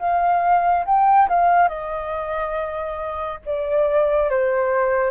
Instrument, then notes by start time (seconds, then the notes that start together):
flute
0.00 F5
0.86 G5
1.29 F5
1.69 D#5
3.46 D5
4.31 C5